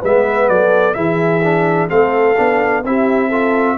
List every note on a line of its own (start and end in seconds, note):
0.00 0.49 G#3
0.00 0.94 B3
0.00 0.47 B4
0.00 0.49 E5
0.49 0.96 F#3
0.49 0.96 A4
0.49 0.94 D5
0.94 1.90 E3
0.94 1.41 E4
0.94 1.89 G#4
0.94 1.88 E5
1.44 1.88 D4
1.88 2.38 A3
1.88 2.35 C4
1.88 2.83 A4
1.88 2.83 F5
2.37 2.84 B3
2.37 2.84 D4
2.84 3.78 C4
2.84 3.31 E4
2.84 3.29 G4
2.84 3.78 E5
3.29 3.78 F4
3.29 3.75 A4